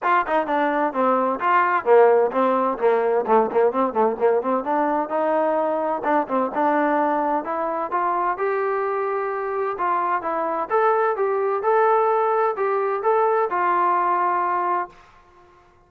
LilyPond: \new Staff \with { instrumentName = "trombone" } { \time 4/4 \tempo 4 = 129 f'8 dis'8 d'4 c'4 f'4 | ais4 c'4 ais4 a8 ais8 | c'8 a8 ais8 c'8 d'4 dis'4~ | dis'4 d'8 c'8 d'2 |
e'4 f'4 g'2~ | g'4 f'4 e'4 a'4 | g'4 a'2 g'4 | a'4 f'2. | }